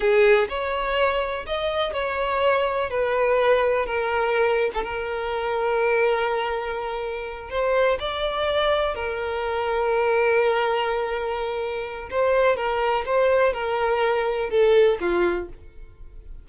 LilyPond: \new Staff \with { instrumentName = "violin" } { \time 4/4 \tempo 4 = 124 gis'4 cis''2 dis''4 | cis''2 b'2 | ais'4.~ ais'16 a'16 ais'2~ | ais'2.~ ais'8 c''8~ |
c''8 d''2 ais'4.~ | ais'1~ | ais'4 c''4 ais'4 c''4 | ais'2 a'4 f'4 | }